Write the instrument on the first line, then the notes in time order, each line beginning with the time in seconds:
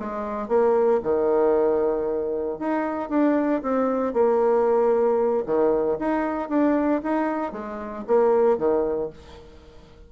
bassoon
0.00 G#3
0.49 A#3
1.03 D#3
2.59 D#4
3.10 D4
3.63 C4
4.14 A#3
5.46 D#3
6.00 D#4
6.50 D4
7.03 D#4
7.53 G#3
8.08 A#3
8.58 D#3